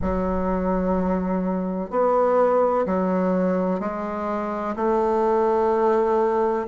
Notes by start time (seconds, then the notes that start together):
0.01 F#3
1.90 B3
2.86 F#3
3.80 G#3
4.76 A3